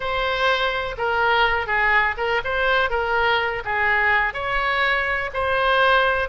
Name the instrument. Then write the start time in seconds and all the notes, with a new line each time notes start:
oboe
0.00 C5
0.97 A#4
1.66 G#4
2.17 A#4
2.44 C5
2.90 A#4
3.64 G#4
4.33 C#5
5.33 C5